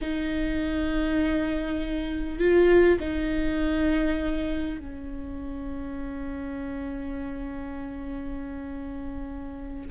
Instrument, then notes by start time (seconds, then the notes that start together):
viola
0.01 D#4
2.38 F4
3.00 D#4
4.79 C#4